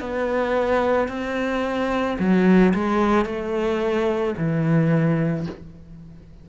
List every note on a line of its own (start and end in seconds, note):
0.00 1.08 B3
1.08 2.17 C4
2.19 2.73 F#3
2.74 3.25 G#3
3.25 4.34 A3
4.37 5.46 E3